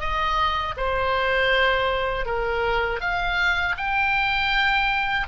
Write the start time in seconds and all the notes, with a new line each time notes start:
0.00 D#5
0.77 C5
2.26 A#4
3.01 F5
3.78 G5